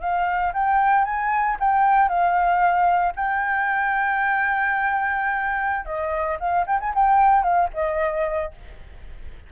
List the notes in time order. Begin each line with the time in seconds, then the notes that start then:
0.00 F5
0.53 G5
1.04 G#5
1.60 G5
2.08 F5
3.15 G5
5.85 D#5
6.39 F5
6.66 G5
6.80 G#5
6.94 G5
7.43 F5
7.73 D#5